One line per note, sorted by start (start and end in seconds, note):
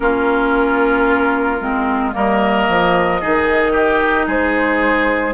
0.00 1.60 A#3
0.00 1.59 C#4
0.00 2.15 F4
0.00 2.12 A#4
1.60 2.14 G#3
1.60 2.12 C4
2.12 2.68 G3
2.12 3.19 A#3
2.12 3.21 A#4
2.12 4.29 D#5
2.68 3.22 F3
3.21 4.27 D#3
3.21 5.34 D#4
3.21 3.72 G#4
3.72 4.25 G4
4.27 5.34 G#3
4.27 5.34 G#4
4.27 5.34 C5